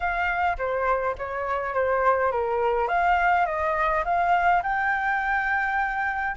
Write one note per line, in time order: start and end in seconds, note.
0.00 0.57 F5
0.58 1.15 C5
1.17 1.74 C#5
1.74 2.31 C5
2.31 2.88 A#4
2.88 3.45 F5
3.46 4.04 D#5
4.04 4.62 F5
4.63 6.36 G5